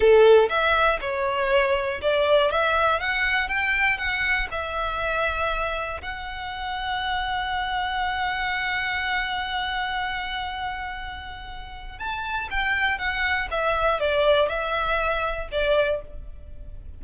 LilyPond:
\new Staff \with { instrumentName = "violin" } { \time 4/4 \tempo 4 = 120 a'4 e''4 cis''2 | d''4 e''4 fis''4 g''4 | fis''4 e''2. | fis''1~ |
fis''1~ | fis''1 | a''4 g''4 fis''4 e''4 | d''4 e''2 d''4 | }